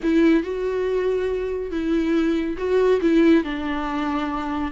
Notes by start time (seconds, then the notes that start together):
0.03 E4
0.43 F#4
1.71 E4
2.57 F#4
3.01 E4
3.44 D4